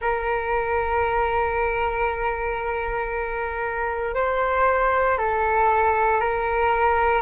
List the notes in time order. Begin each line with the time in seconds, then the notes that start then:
0.00 A#4
4.14 C5
5.18 A4
6.20 A#4